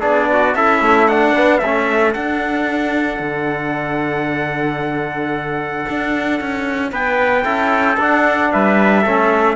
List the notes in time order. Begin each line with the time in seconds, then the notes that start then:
0.00 B3 D4 G#4 D5
0.32 F#4
0.55 C#4 E4 A4 E5
0.81 A3
1.08 D4 F#5
1.36 B3
1.58 A3 A4 E5
1.64 C#4
2.13 D4 F#5
3.19 D3
5.89 D4
6.40 C#4
6.91 B3 B4 G5
7.44 C#4 E4 A4
7.97 D4 F#5
8.52 G3 B4 E5
9.01 A3 C#4 A4